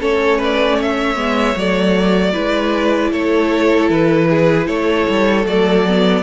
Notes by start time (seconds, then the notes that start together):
0.00 A3 C#4 A4 C#5
0.37 B4
0.44 D5
0.76 C#5
0.82 E5
1.16 G#3 B3
1.56 F#3 A3 D5
2.33 G#3 E4 B4
3.11 A3 A4 C#5
3.89 E3 B4
4.29 G#4
4.66 A3 A4 C#5
5.09 G3
5.45 F#3 A3 D5
5.88 B3